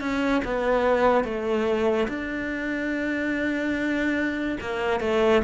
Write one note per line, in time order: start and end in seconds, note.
0.00 0.42 C#4
0.45 1.24 B3
1.24 2.08 A3
2.08 4.58 D4
4.61 5.00 A#3
5.00 5.42 A3